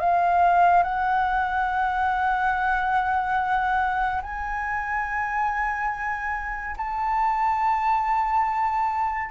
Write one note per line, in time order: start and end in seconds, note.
0.00 0.83 F5
0.83 4.21 F#5
4.22 6.76 G#5
6.77 9.31 A5